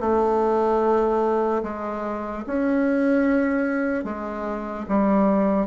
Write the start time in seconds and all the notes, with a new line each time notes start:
0.00 A3
1.63 G#3
2.46 C#4
4.04 G#3
4.88 G3